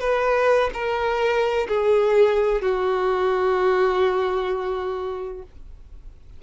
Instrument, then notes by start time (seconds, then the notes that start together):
violin
0.00 B4
0.74 A#4
1.68 G#4
2.62 F#4